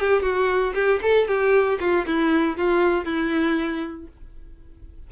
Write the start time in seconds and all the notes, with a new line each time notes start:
0.00 G4
0.23 F#4
0.75 G4
1.02 A4
1.28 G4
1.80 F4
2.07 E4
2.57 F4
3.05 E4